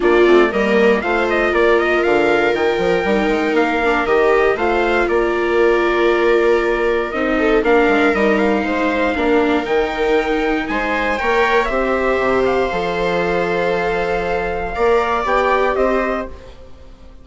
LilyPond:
<<
  \new Staff \with { instrumentName = "trumpet" } { \time 4/4 \tempo 4 = 118 d''4 dis''4 f''8 dis''8 d''8 dis''8 | f''4 g''2 f''4 | dis''4 f''4 d''2~ | d''2 dis''4 f''4 |
dis''8 f''2~ f''8 g''4~ | g''4 gis''4 g''4 e''4~ | e''8 f''2.~ f''8~ | f''2 g''4 dis''4 | }
  \new Staff \with { instrumentName = "viola" } { \time 4/4 f'4 ais'4 c''4 ais'4~ | ais'1~ | ais'4 c''4 ais'2~ | ais'2~ ais'8 a'8 ais'4~ |
ais'4 c''4 ais'2~ | ais'4 c''4 cis''4 c''4~ | c''1~ | c''4 d''2 c''4 | }
  \new Staff \with { instrumentName = "viola" } { \time 4/4 d'8 c'8 ais4 f'2~ | f'2 dis'4. d'8 | g'4 f'2.~ | f'2 dis'4 d'4 |
dis'2 d'4 dis'4~ | dis'2 ais'4 g'4~ | g'4 a'2.~ | a'4 ais'4 g'2 | }
  \new Staff \with { instrumentName = "bassoon" } { \time 4/4 ais8 a8 g4 a4 ais4 | d4 dis8 f8 g8 gis8 ais4 | dis4 a4 ais2~ | ais2 c'4 ais8 gis8 |
g4 gis4 ais4 dis4~ | dis4 gis4 ais4 c'4 | c4 f2.~ | f4 ais4 b4 c'4 | }
>>